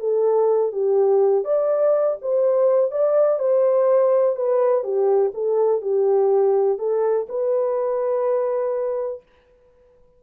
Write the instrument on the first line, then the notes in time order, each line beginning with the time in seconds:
horn
0.00 A4
0.73 G4
1.45 D5
2.22 C5
2.92 D5
3.40 C5
4.37 B4
4.84 G4
5.34 A4
5.82 G4
6.79 A4
7.29 B4